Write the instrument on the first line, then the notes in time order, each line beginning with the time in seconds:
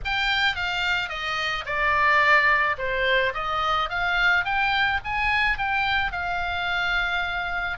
oboe
0.04 G5
0.55 F5
1.09 D#5
1.65 D5
2.78 C5
3.34 D#5
3.89 F5
4.44 G5
5.04 G#5
5.57 G5
6.12 F5